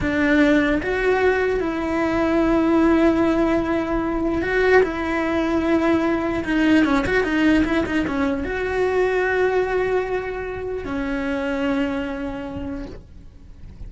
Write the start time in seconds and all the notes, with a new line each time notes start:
0.00 D4
0.82 F#4
1.60 E4
4.42 F#4
4.82 E4
6.44 D#4
6.85 C#4
7.06 F#4
7.23 D#4
7.64 E4
7.86 D#4
8.06 C#4
8.44 F#4
10.84 C#4